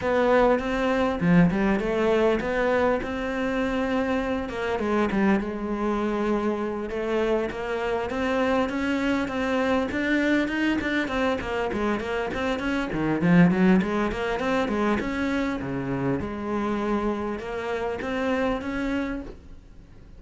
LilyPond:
\new Staff \with { instrumentName = "cello" } { \time 4/4 \tempo 4 = 100 b4 c'4 f8 g8 a4 | b4 c'2~ c'8 ais8 | gis8 g8 gis2~ gis8 a8~ | a8 ais4 c'4 cis'4 c'8~ |
c'8 d'4 dis'8 d'8 c'8 ais8 gis8 | ais8 c'8 cis'8 dis8 f8 fis8 gis8 ais8 | c'8 gis8 cis'4 cis4 gis4~ | gis4 ais4 c'4 cis'4 | }